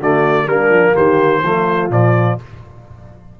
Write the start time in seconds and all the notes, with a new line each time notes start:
0.00 D3 A3 F#4 D5
0.46 G3 A#3 D4 A#4
0.69 F3
0.95 D#3 G4 C5
1.43 F3 A3 F4
1.89 A#2 F3 D5